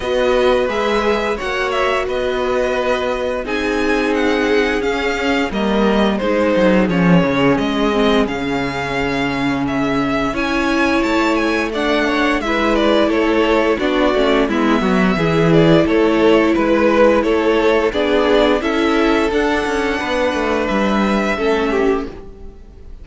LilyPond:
<<
  \new Staff \with { instrumentName = "violin" } { \time 4/4 \tempo 4 = 87 dis''4 e''4 fis''8 e''8 dis''4~ | dis''4 gis''4 fis''4 f''4 | dis''4 c''4 cis''4 dis''4 | f''2 e''4 gis''4 |
a''8 gis''8 fis''4 e''8 d''8 cis''4 | d''4 e''4. d''8 cis''4 | b'4 cis''4 d''4 e''4 | fis''2 e''2 | }
  \new Staff \with { instrumentName = "violin" } { \time 4/4 b'2 cis''4 b'4~ | b'4 gis'2. | ais'4 gis'2.~ | gis'2. cis''4~ |
cis''4 d''8 cis''8 b'4 a'4 | fis'4 e'8 fis'8 gis'4 a'4 | b'4 a'4 gis'4 a'4~ | a'4 b'2 a'8 g'8 | }
  \new Staff \with { instrumentName = "viola" } { \time 4/4 fis'4 gis'4 fis'2~ | fis'4 dis'2 cis'4 | ais4 dis'4 cis'4. c'8 | cis'2. e'4~ |
e'4 d'4 e'2 | d'8 cis'8 b4 e'2~ | e'2 d'4 e'4 | d'2. cis'4 | }
  \new Staff \with { instrumentName = "cello" } { \time 4/4 b4 gis4 ais4 b4~ | b4 c'2 cis'4 | g4 gis8 fis8 f8 cis8 gis4 | cis2. cis'4 |
a2 gis4 a4 | b8 a8 gis8 fis8 e4 a4 | gis4 a4 b4 cis'4 | d'8 cis'8 b8 a8 g4 a4 | }
>>